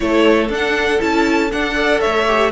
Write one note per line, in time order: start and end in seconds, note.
0.00 0.49 A3
0.00 0.49 E4
0.00 1.74 A4
0.00 0.50 C#5
0.49 0.99 D4
0.49 1.00 F#5
0.99 1.51 C#4
0.99 1.49 E4
0.99 1.51 A5
1.51 1.74 D4
1.51 2.03 D4
1.51 2.00 F#5
1.74 2.25 A4
1.74 1.99 D5
2.00 2.51 A3
2.00 2.51 C#5
2.00 2.51 E5
2.26 2.51 G4